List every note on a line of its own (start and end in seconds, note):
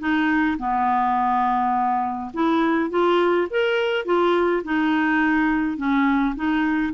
0.00 0.58 D#4
0.59 2.32 B3
2.34 2.90 E4
2.90 3.48 F4
3.51 4.06 A#4
4.06 4.63 F4
4.64 5.78 D#4
5.78 6.35 C#4
6.36 6.94 D#4